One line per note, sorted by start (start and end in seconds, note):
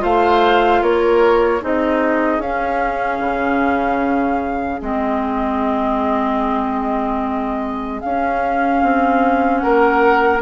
0.00 0.82 A3
0.00 1.60 F4
0.00 0.82 C5
0.00 0.83 F5
0.82 1.62 A#3
0.82 1.62 A#4
0.82 1.63 C#5
1.62 2.39 C4
1.62 2.42 D#4
1.62 9.62 G#4
1.62 2.42 D#5
2.39 3.19 C#4
2.39 4.82 C#4
2.39 4.82 F5
3.20 4.80 C#3
4.82 8.02 G#3
4.82 8.02 C4
4.82 8.01 D#5
8.01 10.42 C#4
8.01 8.83 C#4
8.01 9.59 F5
8.83 9.63 C4
9.59 10.42 A#3
9.59 10.42 A#4
9.59 10.39 F#5